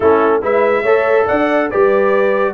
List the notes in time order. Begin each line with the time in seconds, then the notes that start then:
0.00 A3 C#4 E4 A4
0.42 G#3 E4 B4 E5
0.82 A3 A4 C#5
1.26 D4 D5 F#5
1.69 G4 B4 D5
1.75 G3